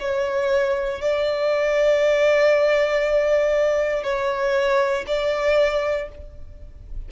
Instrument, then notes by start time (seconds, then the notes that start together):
violin
0.00 C#5
1.02 D5
4.04 C#5
5.08 D5